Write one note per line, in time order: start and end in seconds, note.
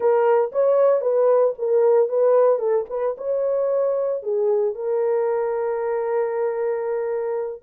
0.00 0.51 A#4
0.52 1.01 C#5
1.01 1.53 B4
1.58 2.08 A#4
2.08 2.59 B4
2.59 2.85 A4
2.89 3.16 B4
3.17 4.22 C#5
4.22 4.74 G#4
4.74 7.62 A#4